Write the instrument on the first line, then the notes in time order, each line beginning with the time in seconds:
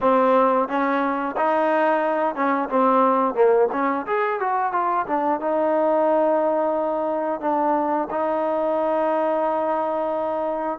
trombone
0.00 C4
0.68 C#4
1.36 D#4
2.35 C#4
2.69 C4
3.34 A#3
3.72 C#4
4.06 G#4
4.39 F#4
4.72 F4
5.07 D4
5.40 D#4
7.40 D4
8.10 D#4